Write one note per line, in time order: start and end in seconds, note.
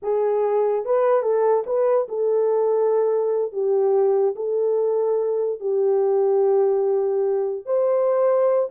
0.02 0.85 G#4
0.85 1.22 B4
1.22 1.63 A4
1.66 2.07 B4
2.08 3.52 A4
3.52 4.34 G4
4.35 5.60 A4
5.60 7.65 G4
7.65 8.69 C5